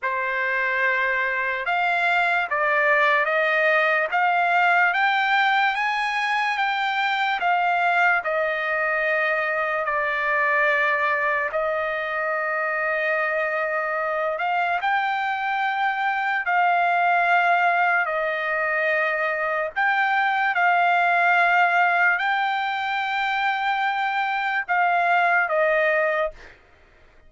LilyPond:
\new Staff \with { instrumentName = "trumpet" } { \time 4/4 \tempo 4 = 73 c''2 f''4 d''4 | dis''4 f''4 g''4 gis''4 | g''4 f''4 dis''2 | d''2 dis''2~ |
dis''4. f''8 g''2 | f''2 dis''2 | g''4 f''2 g''4~ | g''2 f''4 dis''4 | }